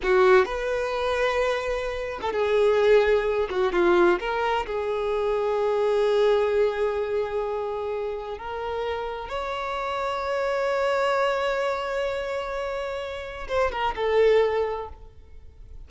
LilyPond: \new Staff \with { instrumentName = "violin" } { \time 4/4 \tempo 4 = 129 fis'4 b'2.~ | b'8. a'16 gis'2~ gis'8 fis'8 | f'4 ais'4 gis'2~ | gis'1~ |
gis'2 ais'2 | cis''1~ | cis''1~ | cis''4 c''8 ais'8 a'2 | }